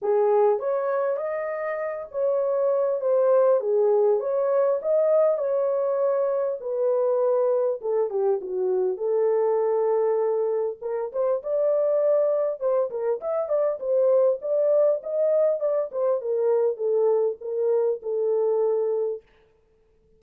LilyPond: \new Staff \with { instrumentName = "horn" } { \time 4/4 \tempo 4 = 100 gis'4 cis''4 dis''4. cis''8~ | cis''4 c''4 gis'4 cis''4 | dis''4 cis''2 b'4~ | b'4 a'8 g'8 fis'4 a'4~ |
a'2 ais'8 c''8 d''4~ | d''4 c''8 ais'8 e''8 d''8 c''4 | d''4 dis''4 d''8 c''8 ais'4 | a'4 ais'4 a'2 | }